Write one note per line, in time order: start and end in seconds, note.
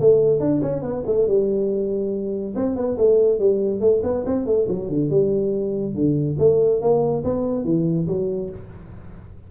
0.00 0.40 A3
0.40 0.61 D4
0.62 0.82 C#4
0.82 1.03 B3
1.06 1.27 A3
1.27 2.55 G3
2.55 2.76 C4
2.76 2.97 B3
2.97 3.39 A3
3.39 3.80 G3
3.80 4.02 A3
4.03 4.24 B3
4.26 4.46 C4
4.46 4.67 A3
4.68 4.89 F#3
4.89 5.10 D3
5.10 5.95 G3
5.95 6.37 D3
6.38 6.81 A3
6.81 7.23 A#3
7.24 7.64 B3
7.64 8.07 E3
8.07 8.50 F#3